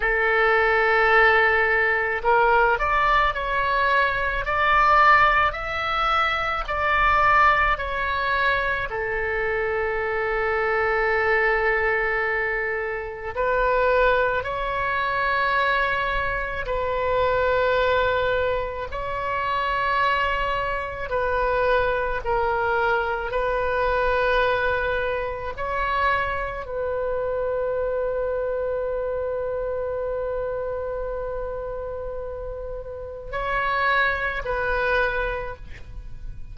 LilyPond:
\new Staff \with { instrumentName = "oboe" } { \time 4/4 \tempo 4 = 54 a'2 ais'8 d''8 cis''4 | d''4 e''4 d''4 cis''4 | a'1 | b'4 cis''2 b'4~ |
b'4 cis''2 b'4 | ais'4 b'2 cis''4 | b'1~ | b'2 cis''4 b'4 | }